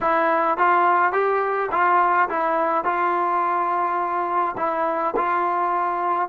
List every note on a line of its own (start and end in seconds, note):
0.00 0.57 E4
0.57 1.12 F4
1.12 1.69 G4
1.71 2.29 F4
2.29 2.84 E4
2.84 4.55 F4
4.57 5.14 E4
5.16 6.28 F4